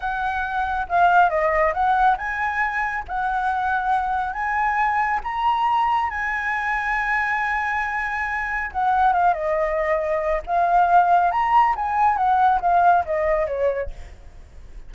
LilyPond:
\new Staff \with { instrumentName = "flute" } { \time 4/4 \tempo 4 = 138 fis''2 f''4 dis''4 | fis''4 gis''2 fis''4~ | fis''2 gis''2 | ais''2 gis''2~ |
gis''1 | fis''4 f''8 dis''2~ dis''8 | f''2 ais''4 gis''4 | fis''4 f''4 dis''4 cis''4 | }